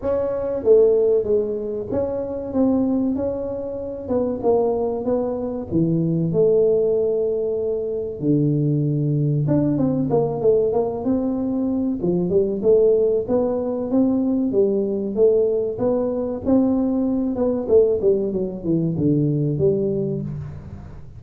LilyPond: \new Staff \with { instrumentName = "tuba" } { \time 4/4 \tempo 4 = 95 cis'4 a4 gis4 cis'4 | c'4 cis'4. b8 ais4 | b4 e4 a2~ | a4 d2 d'8 c'8 |
ais8 a8 ais8 c'4. f8 g8 | a4 b4 c'4 g4 | a4 b4 c'4. b8 | a8 g8 fis8 e8 d4 g4 | }